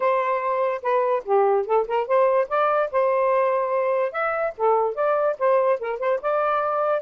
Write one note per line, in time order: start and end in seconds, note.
0.00 0.81 C5
0.82 1.23 B4
1.25 1.66 G4
1.66 1.87 A4
1.87 2.07 A#4
2.07 2.48 C5
2.48 2.90 D5
2.91 4.12 C5
4.12 4.53 E5
4.57 4.94 A4
4.94 5.36 D5
5.38 5.79 C5
5.79 5.99 A#4
5.99 6.20 C5
6.21 7.02 D5